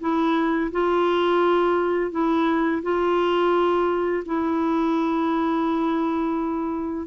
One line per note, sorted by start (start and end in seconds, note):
0.00 0.71 E4
0.72 2.11 F4
2.11 2.82 E4
2.82 4.23 F4
4.26 7.07 E4